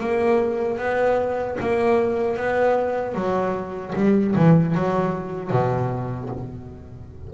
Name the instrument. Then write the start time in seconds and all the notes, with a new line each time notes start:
double bass
0.00 A#3
0.78 B3
1.60 A#3
2.36 B3
3.14 F#3
3.95 G3
4.35 E3
4.75 F#3
5.50 B2